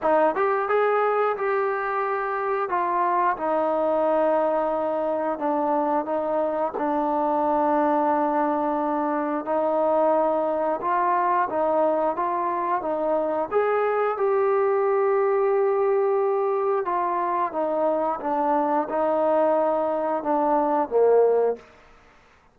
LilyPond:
\new Staff \with { instrumentName = "trombone" } { \time 4/4 \tempo 4 = 89 dis'8 g'8 gis'4 g'2 | f'4 dis'2. | d'4 dis'4 d'2~ | d'2 dis'2 |
f'4 dis'4 f'4 dis'4 | gis'4 g'2.~ | g'4 f'4 dis'4 d'4 | dis'2 d'4 ais4 | }